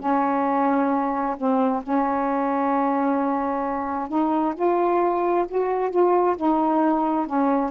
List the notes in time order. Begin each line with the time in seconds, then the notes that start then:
0.00 C#4
1.37 C4
1.83 C#4
4.09 D#4
4.55 F4
5.48 F#4
5.90 F4
6.36 D#4
7.26 C#4